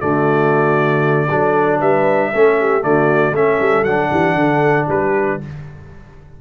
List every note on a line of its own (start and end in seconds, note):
0.00 1.30 D3
0.00 1.28 A3
0.00 1.28 F#4
0.00 1.79 D5
1.30 1.81 F#3
1.30 2.32 D4
1.30 1.79 A4
1.79 2.32 G3
1.79 2.31 B4
1.79 2.83 E5
2.32 2.83 A3
2.32 2.80 C#4
2.32 2.58 A4
2.59 2.85 G4
2.80 3.32 D3
2.80 3.32 A3
2.80 3.36 F#4
2.80 3.34 D5
3.32 3.57 A3
3.32 3.86 C#4
3.32 4.10 A4
3.32 3.84 E5
3.60 3.82 G3
3.82 4.08 F#3
3.82 5.41 D4
3.82 4.86 F#5
4.10 4.35 E3
4.10 4.35 G4
4.35 4.86 D3
4.35 4.88 A4
4.88 5.40 G3
4.88 5.39 G4
4.88 5.40 B4